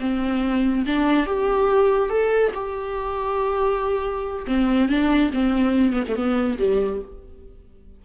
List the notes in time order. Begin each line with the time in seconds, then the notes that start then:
0.00 C4
0.86 D4
1.26 G4
2.09 A4
2.54 G4
4.47 C4
4.89 D4
5.33 C4
5.93 B3
6.08 A3
6.16 B3
6.59 G3